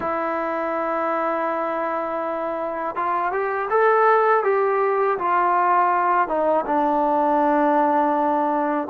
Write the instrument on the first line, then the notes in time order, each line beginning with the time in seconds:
trombone
0.00 E4
2.95 F4
3.31 G4
3.70 A4
4.43 G4
5.18 F4
6.28 D#4
6.65 D4